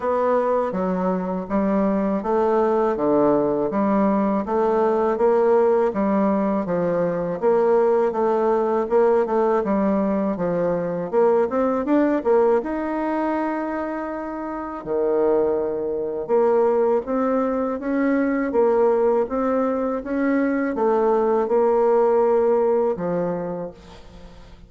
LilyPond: \new Staff \with { instrumentName = "bassoon" } { \time 4/4 \tempo 4 = 81 b4 fis4 g4 a4 | d4 g4 a4 ais4 | g4 f4 ais4 a4 | ais8 a8 g4 f4 ais8 c'8 |
d'8 ais8 dis'2. | dis2 ais4 c'4 | cis'4 ais4 c'4 cis'4 | a4 ais2 f4 | }